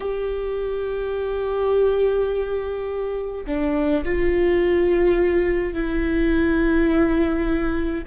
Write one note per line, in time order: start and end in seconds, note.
0.00 3.45 G4
3.46 4.04 D4
4.04 5.73 F4
5.73 8.04 E4